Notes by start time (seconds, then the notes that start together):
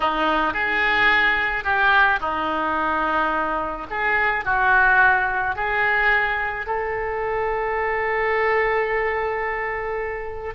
0.00 D#4
0.53 G#4
1.64 G4
2.20 D#4
3.90 G#4
4.44 F#4
5.55 G#4
6.66 A4